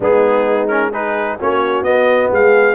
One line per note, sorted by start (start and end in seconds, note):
0.00 1.37 G#3
0.00 0.68 B3
0.00 0.90 D#4
0.00 0.67 G#4
0.67 0.92 C#4
0.67 0.90 A#4
0.90 1.38 D#4
0.90 1.36 G#4
0.90 1.39 B4
1.39 1.81 A#3
1.39 1.85 C#4
1.39 2.32 F#4
1.39 1.83 C#5
1.81 2.28 B3
1.81 2.74 B3
1.81 2.30 D#5
2.31 2.74 G#3
2.31 2.74 G#4
2.31 2.74 F5